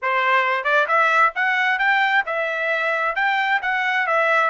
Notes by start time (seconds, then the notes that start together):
0.01 C5
0.64 D5
0.87 E5
1.35 F#5
1.79 G5
2.26 E5
3.15 G5
3.62 F#5
4.06 E5